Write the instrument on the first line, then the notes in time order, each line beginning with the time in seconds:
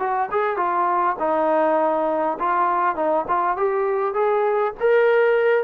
trombone
0.00 F#4
0.32 G#4
0.58 F4
1.20 D#4
2.40 F4
2.96 D#4
3.28 F4
3.57 G4
4.14 G#4
4.80 A#4